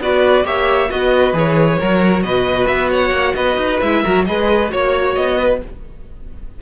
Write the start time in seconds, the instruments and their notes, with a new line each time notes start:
0.00 cello B3, viola F#4, violin B4 D5
0.44 cello A#3, viola G4, violin C#5 E5
0.89 cello B3, viola F#4, violin B4 D#5
1.33 cello E3, viola G#4, violin C#5
1.79 cello F#3, viola F#4, violin A#4
2.23 cello B2, violin B4 D#5
2.67 cello B3, violin E5
2.90 violin C#5 F#5
3.11 cello A#3
3.35 cello B3, violin B4 D#5
3.57 cello D#4
3.80 cello G#3, viola E4, violin E5
4.03 cello F#3, viola F#4, violin A#4
4.25 cello G#3, viola G#4, violin B4 D#5
4.69 cello A#3, viola F#4, violin C#5
5.15 cello B3, violin D#5
5.39 violin B4